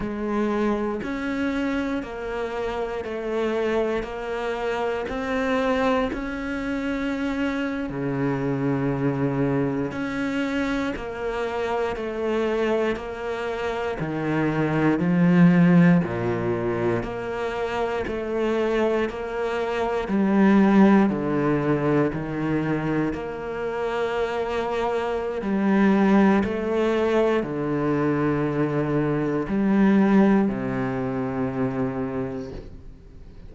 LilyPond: \new Staff \with { instrumentName = "cello" } { \time 4/4 \tempo 4 = 59 gis4 cis'4 ais4 a4 | ais4 c'4 cis'4.~ cis'16 cis16~ | cis4.~ cis16 cis'4 ais4 a16~ | a8. ais4 dis4 f4 ais,16~ |
ais,8. ais4 a4 ais4 g16~ | g8. d4 dis4 ais4~ ais16~ | ais4 g4 a4 d4~ | d4 g4 c2 | }